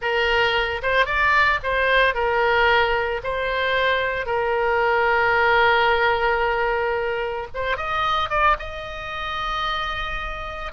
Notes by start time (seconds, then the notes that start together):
0.01 A#4
0.82 C5
1.05 D5
1.63 C5
2.14 A#4
3.23 C5
4.25 A#4
7.54 C5
7.76 D#5
8.29 D5
8.59 D#5